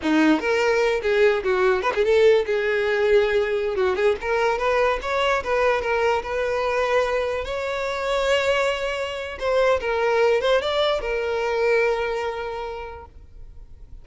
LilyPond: \new Staff \with { instrumentName = "violin" } { \time 4/4 \tempo 4 = 147 dis'4 ais'4. gis'4 fis'8~ | fis'8 b'16 gis'16 a'4 gis'2~ | gis'4~ gis'16 fis'8 gis'8 ais'4 b'8.~ | b'16 cis''4 b'4 ais'4 b'8.~ |
b'2~ b'16 cis''4.~ cis''16~ | cis''2. c''4 | ais'4. c''8 d''4 ais'4~ | ais'1 | }